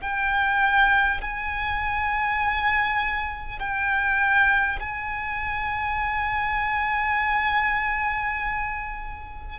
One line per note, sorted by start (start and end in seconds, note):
0.00 1.20 G5
1.21 3.59 G#5
3.59 4.79 G5
4.79 9.59 G#5